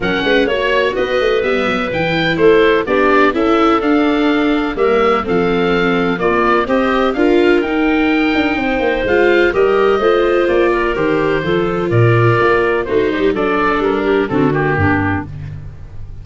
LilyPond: <<
  \new Staff \with { instrumentName = "oboe" } { \time 4/4 \tempo 4 = 126 fis''4 cis''4 dis''4 e''4 | g''4 c''4 d''4 e''4 | f''2 e''4 f''4~ | f''4 d''4 dis''4 f''4 |
g''2. f''4 | dis''2 d''4 c''4~ | c''4 d''2 c''4 | d''4 ais'4 a'8 g'4. | }
  \new Staff \with { instrumentName = "clarinet" } { \time 4/4 ais'8 b'8 cis''4 b'2~ | b'4 a'4 g'4 a'4~ | a'2 ais'4 a'4~ | a'4 f'4 c''4 ais'4~ |
ais'2 c''2 | ais'4 c''4. ais'4. | a'4 ais'2 fis'8 g'8 | a'4. g'8 fis'4 d'4 | }
  \new Staff \with { instrumentName = "viola" } { \time 4/4 cis'4 fis'2 b4 | e'2 d'4 e'4 | d'2 ais4 c'4~ | c'4 ais4 g'4 f'4 |
dis'2. f'4 | g'4 f'2 g'4 | f'2. dis'4 | d'2 c'8 ais4. | }
  \new Staff \with { instrumentName = "tuba" } { \time 4/4 fis8 gis8 ais4 b8 a8 g8 fis8 | e4 a4 b4 cis'4 | d'2 g4 f4~ | f4 ais4 c'4 d'4 |
dis'4. d'8 c'8 ais8 gis4 | g4 a4 ais4 dis4 | f4 ais,4 ais4 a8 g8 | fis4 g4 d4 g,4 | }
>>